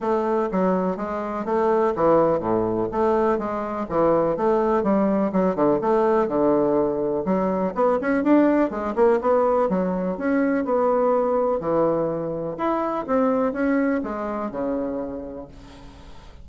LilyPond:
\new Staff \with { instrumentName = "bassoon" } { \time 4/4 \tempo 4 = 124 a4 fis4 gis4 a4 | e4 a,4 a4 gis4 | e4 a4 g4 fis8 d8 | a4 d2 fis4 |
b8 cis'8 d'4 gis8 ais8 b4 | fis4 cis'4 b2 | e2 e'4 c'4 | cis'4 gis4 cis2 | }